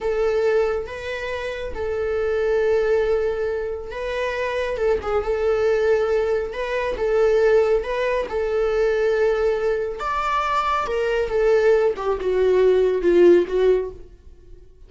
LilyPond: \new Staff \with { instrumentName = "viola" } { \time 4/4 \tempo 4 = 138 a'2 b'2 | a'1~ | a'4 b'2 a'8 gis'8 | a'2. b'4 |
a'2 b'4 a'4~ | a'2. d''4~ | d''4 ais'4 a'4. g'8 | fis'2 f'4 fis'4 | }